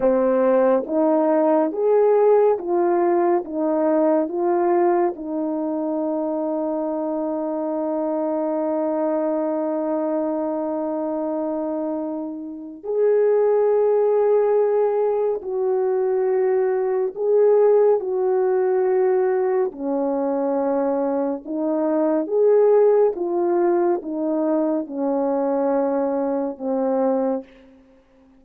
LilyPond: \new Staff \with { instrumentName = "horn" } { \time 4/4 \tempo 4 = 70 c'4 dis'4 gis'4 f'4 | dis'4 f'4 dis'2~ | dis'1~ | dis'2. gis'4~ |
gis'2 fis'2 | gis'4 fis'2 cis'4~ | cis'4 dis'4 gis'4 f'4 | dis'4 cis'2 c'4 | }